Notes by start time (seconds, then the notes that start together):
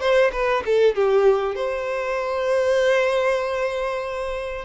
0.00 C5
0.32 B4
0.65 A4
0.95 G4
1.55 C5